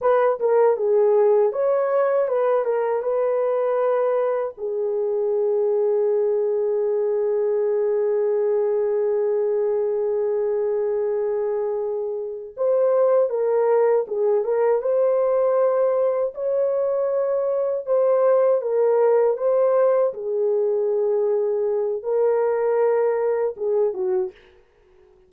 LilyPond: \new Staff \with { instrumentName = "horn" } { \time 4/4 \tempo 4 = 79 b'8 ais'8 gis'4 cis''4 b'8 ais'8 | b'2 gis'2~ | gis'1~ | gis'1~ |
gis'8 c''4 ais'4 gis'8 ais'8 c''8~ | c''4. cis''2 c''8~ | c''8 ais'4 c''4 gis'4.~ | gis'4 ais'2 gis'8 fis'8 | }